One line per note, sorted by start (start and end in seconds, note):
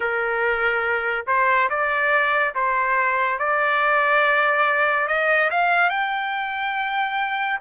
0.00 1.25 A#4
1.27 1.69 C5
1.69 2.54 D5
2.54 3.38 C5
3.38 5.07 D5
5.07 5.49 D#5
5.50 5.89 F5
5.89 7.58 G5